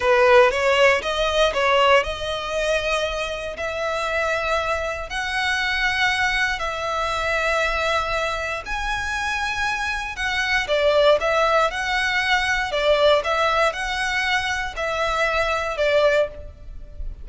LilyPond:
\new Staff \with { instrumentName = "violin" } { \time 4/4 \tempo 4 = 118 b'4 cis''4 dis''4 cis''4 | dis''2. e''4~ | e''2 fis''2~ | fis''4 e''2.~ |
e''4 gis''2. | fis''4 d''4 e''4 fis''4~ | fis''4 d''4 e''4 fis''4~ | fis''4 e''2 d''4 | }